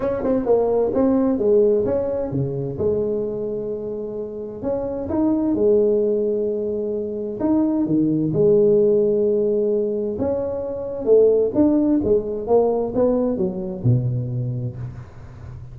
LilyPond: \new Staff \with { instrumentName = "tuba" } { \time 4/4 \tempo 4 = 130 cis'8 c'8 ais4 c'4 gis4 | cis'4 cis4 gis2~ | gis2 cis'4 dis'4 | gis1 |
dis'4 dis4 gis2~ | gis2 cis'2 | a4 d'4 gis4 ais4 | b4 fis4 b,2 | }